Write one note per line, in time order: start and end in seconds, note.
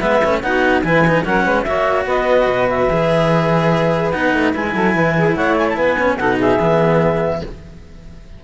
0.00 0.23 G#3
0.00 0.21 B3
0.00 0.41 B4
0.00 0.41 E5
0.25 0.43 A3
0.25 0.43 C#4
0.42 0.83 B3
0.42 0.85 D#4
0.42 0.85 F#4
0.42 0.83 F#5
0.83 1.24 E3
0.83 1.05 E4
0.83 1.26 B4
0.83 1.24 G#5
1.07 1.25 D#4
1.25 1.46 F#3
1.25 1.66 C#4
1.25 1.45 A#4
1.25 1.64 F#5
1.45 1.66 G#3
1.45 1.65 B4
1.64 2.06 A#3
1.64 2.90 F#4
1.64 2.07 C#5
1.64 2.05 E5
2.06 2.47 B3
2.06 4.74 B4
2.06 2.70 D#5
2.47 2.88 B2
2.70 4.12 E5
2.90 4.13 E3
2.90 4.13 G#4
4.12 4.34 B3
4.12 4.53 D#4
4.12 4.53 F#5
4.34 4.55 A3
4.53 4.75 G#3
4.53 5.97 E4
4.53 5.36 G#5
4.75 4.95 F#3
4.75 4.95 A4
4.95 5.36 E3
4.95 5.15 B4
5.17 5.35 G#4
5.35 5.78 A3
5.35 5.76 C#5
5.35 5.57 F#5
5.58 5.68 G#5
5.69 5.77 A5
5.76 6.17 B3
5.76 6.17 B4
5.76 6.18 G#5
5.99 6.20 C#4
6.17 6.58 B2
6.17 6.60 D#4
6.17 6.38 A4
6.17 6.38 F#5
6.38 7.40 G#4
6.38 7.44 E5
6.59 7.41 E3
6.59 7.42 B3